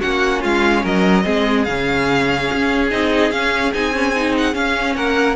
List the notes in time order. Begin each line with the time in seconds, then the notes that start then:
0.00 A#3 C#4 F#4 F#5
0.41 G#3 F4 F5
0.82 F#3 A#4 D#5
1.23 G#3 C4 G#4
1.64 C#3 C#4 F5
2.52 C#4
2.90 C4 D#4 D#5
3.31 C#4 F5
3.73 C4 D#4 G#5
3.93 C#4
4.15 D#4
4.37 F#5
4.52 C#4 F5
4.95 A#3 A#4 F#5